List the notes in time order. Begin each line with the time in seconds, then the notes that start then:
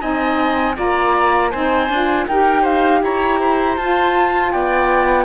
0.00 C4 D#4 D#5 G#5
0.75 A#3 F4 D5 A#5
1.50 C4 D#4 C5 G#5
1.89 D4 F4
2.27 D#4 G4 A#4 G5
2.61 C5 F5
3.02 E4 C#5 A#5
3.40 C5
3.77 F4 A5
4.52 B3 D5 G5